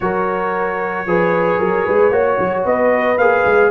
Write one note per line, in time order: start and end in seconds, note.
0.00 1.05 F#3
0.00 1.07 F#4
0.00 1.07 A#4
0.00 2.64 C#5
1.05 1.59 F3
1.05 2.11 G#4
1.05 1.59 B4
1.59 1.86 F#3
1.59 1.85 A#4
1.85 2.11 G#3
1.85 2.12 B4
2.11 2.37 A#3
2.11 3.17 F#4
2.11 2.65 C#5
2.39 2.65 F#3
2.65 3.17 B3
2.65 3.70 B4
2.65 3.17 D#5
3.17 3.44 A#3
3.17 3.70 G#4
3.17 3.70 F5
3.45 3.70 G#3